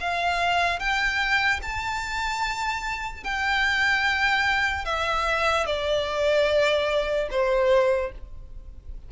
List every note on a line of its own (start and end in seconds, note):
0.00 0.79 F5
0.79 1.60 G5
1.62 3.23 A5
3.23 4.85 G5
4.85 5.66 E5
5.66 7.28 D5
7.30 8.12 C5